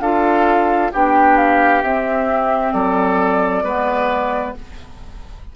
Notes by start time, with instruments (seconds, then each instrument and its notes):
0.00 bassoon D4, clarinet F4, oboe A4, flute F5
0.92 bassoon B3, clarinet D4, oboe G4, flute G5
1.37 flute F5
1.82 bassoon C4, clarinet C4, flute E5
2.73 bassoon F#3, oboe A4, flute D5
3.63 bassoon G#3, clarinet B3, oboe B4